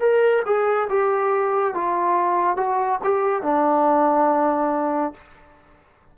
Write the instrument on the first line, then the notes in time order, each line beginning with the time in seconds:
trombone
0.00 A#4
0.46 G#4
0.90 G4
1.75 F4
2.57 F#4
3.04 G4
3.43 D4